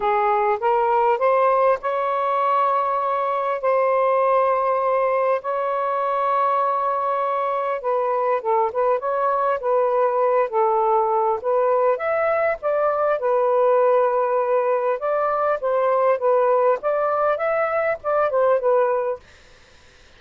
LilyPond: \new Staff \with { instrumentName = "saxophone" } { \time 4/4 \tempo 4 = 100 gis'4 ais'4 c''4 cis''4~ | cis''2 c''2~ | c''4 cis''2.~ | cis''4 b'4 a'8 b'8 cis''4 |
b'4. a'4. b'4 | e''4 d''4 b'2~ | b'4 d''4 c''4 b'4 | d''4 e''4 d''8 c''8 b'4 | }